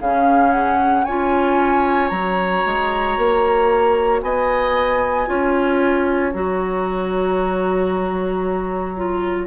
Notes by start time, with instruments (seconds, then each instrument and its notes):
0.00 bassoon C#3, clarinet C#4, oboe G#4, flute F5
0.51 flute F#5
1.04 bassoon C#4, clarinet F4, oboe C#5, flute G#5
2.09 bassoon F#3, clarinet F#4, flute A#5
2.65 bassoon G#3
3.17 bassoon A#3
4.22 bassoon B3, oboe D#5, flute G#5
5.27 bassoon C#4, clarinet F4, oboe C#5
6.31 bassoon F#3, clarinet F#4, flute A#5
8.96 clarinet F4